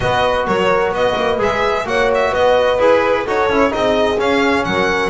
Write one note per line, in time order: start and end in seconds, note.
0.00 0.47 B3
0.00 1.38 F#4
0.00 0.47 B4
0.00 0.46 D#5
0.47 0.90 F#3
0.47 0.93 A#4
0.47 0.93 C#5
0.90 1.14 B3
0.90 1.86 B4
0.90 1.41 D#5
1.16 1.38 A#3
1.38 1.84 G#3
1.38 1.84 G#4
1.38 1.87 E5
1.84 2.30 A#3
1.84 2.78 F#4
1.84 2.31 C#5
1.84 2.10 F#5
2.14 2.34 E5
2.31 2.78 B3
2.31 3.24 B4
2.31 2.80 D#5
2.78 3.25 E4
2.78 3.26 G#4
2.78 3.26 B4
3.24 3.48 D#4
3.24 3.50 F#4
3.24 3.70 A4
3.24 3.72 C#5
3.48 3.72 C#4
3.48 3.69 E4
3.69 4.18 C4
3.69 4.16 D#4
3.69 4.65 G#4
3.69 4.19 D#5
4.18 4.65 C#4
4.18 5.10 C#4
4.18 4.64 F5
4.64 5.10 F#3
4.64 5.10 A#4
4.64 5.10 F#5